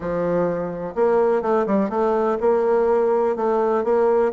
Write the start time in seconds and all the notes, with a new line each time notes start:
0.00 F3
0.95 A#3
1.42 A3
1.66 G3
1.89 A3
2.40 A#3
3.36 A3
3.84 A#3